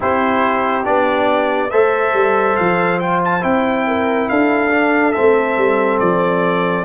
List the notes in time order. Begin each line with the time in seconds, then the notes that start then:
0.00 C4 E4 G4 C5
0.83 B3 D4 D5
1.70 A3 A4 C5 E5
2.13 G3
2.56 F3 F5
2.99 F4 G5
3.24 A5
3.40 C4 E4 G5
3.87 A#4
4.29 D4 A4 F5
4.70 D4
5.12 A3 C4 E5
5.57 G3
5.99 F3 D5